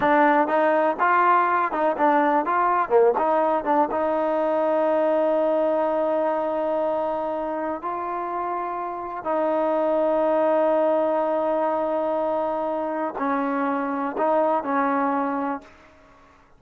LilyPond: \new Staff \with { instrumentName = "trombone" } { \time 4/4 \tempo 4 = 123 d'4 dis'4 f'4. dis'8 | d'4 f'4 ais8 dis'4 d'8 | dis'1~ | dis'1 |
f'2. dis'4~ | dis'1~ | dis'2. cis'4~ | cis'4 dis'4 cis'2 | }